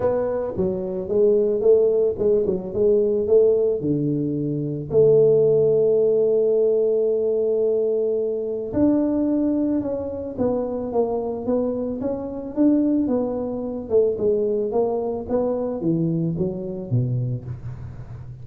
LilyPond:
\new Staff \with { instrumentName = "tuba" } { \time 4/4 \tempo 4 = 110 b4 fis4 gis4 a4 | gis8 fis8 gis4 a4 d4~ | d4 a2.~ | a1 |
d'2 cis'4 b4 | ais4 b4 cis'4 d'4 | b4. a8 gis4 ais4 | b4 e4 fis4 b,4 | }